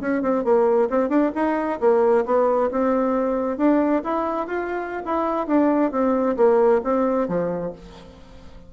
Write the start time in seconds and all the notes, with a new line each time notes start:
0.00 C#4
0.22 C4
0.44 A#3
0.90 C4
1.09 D4
1.35 D#4
1.80 A#3
2.25 B3
2.71 C4
3.57 D4
4.04 E4
4.47 F4
5.05 E4
5.47 D4
5.91 C4
6.37 A#3
6.84 C4
7.28 F3